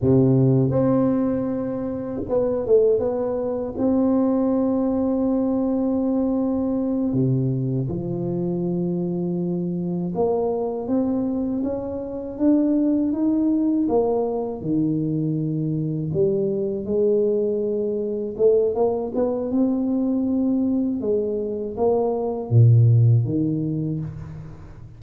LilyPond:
\new Staff \with { instrumentName = "tuba" } { \time 4/4 \tempo 4 = 80 c4 c'2 b8 a8 | b4 c'2.~ | c'4. c4 f4.~ | f4. ais4 c'4 cis'8~ |
cis'8 d'4 dis'4 ais4 dis8~ | dis4. g4 gis4.~ | gis8 a8 ais8 b8 c'2 | gis4 ais4 ais,4 dis4 | }